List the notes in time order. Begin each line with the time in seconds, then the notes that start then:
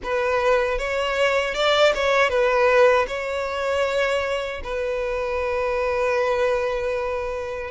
0.03 B4
0.78 C#5
1.54 D5
1.94 C#5
2.29 B4
3.07 C#5
4.63 B4